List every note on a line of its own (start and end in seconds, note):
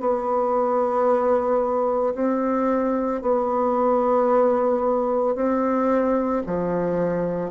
0.00 2.14 B3
2.15 3.21 C4
3.21 5.35 B3
5.35 6.42 C4
6.46 7.50 F3